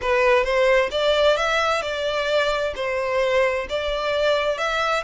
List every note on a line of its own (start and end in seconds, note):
0.01 0.44 B4
0.44 0.89 C5
0.91 1.36 D5
1.36 1.82 E5
1.82 2.73 D5
2.75 3.67 C5
3.69 4.58 D5
4.58 5.03 E5